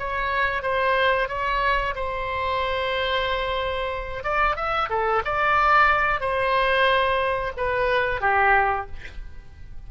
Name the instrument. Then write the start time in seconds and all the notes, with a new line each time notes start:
oboe
0.00 C#5
0.63 C5
1.29 C#5
1.96 C5
4.24 D5
4.56 E5
4.90 A4
5.25 D5
6.21 C5
7.57 B4
8.21 G4